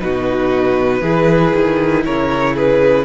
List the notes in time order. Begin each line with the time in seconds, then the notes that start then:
0.00 B2 D#4 F#4 B4
1.01 E3 E4 G#4
1.55 D#3
2.05 C#3 A#4 C#5
2.55 G#4 B4